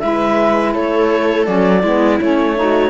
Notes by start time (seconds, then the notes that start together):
0.00 G#3 E4 B4 E5
0.74 A3 A4 C#5
1.45 F#3 C#4 D5
1.83 G#3 B3 E4
2.21 A3 C#4 C#5
2.56 D#4 F#4